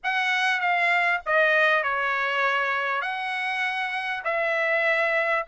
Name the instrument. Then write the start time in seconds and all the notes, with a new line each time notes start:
trumpet
0.03 F#5
0.60 F5
1.26 D#5
1.83 C#5
3.01 F#5
4.24 E5